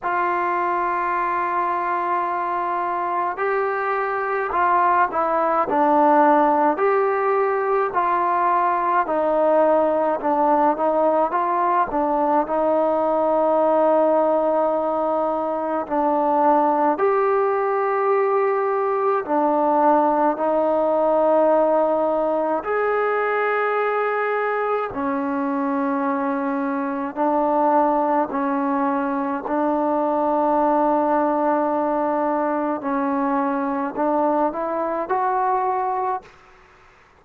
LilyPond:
\new Staff \with { instrumentName = "trombone" } { \time 4/4 \tempo 4 = 53 f'2. g'4 | f'8 e'8 d'4 g'4 f'4 | dis'4 d'8 dis'8 f'8 d'8 dis'4~ | dis'2 d'4 g'4~ |
g'4 d'4 dis'2 | gis'2 cis'2 | d'4 cis'4 d'2~ | d'4 cis'4 d'8 e'8 fis'4 | }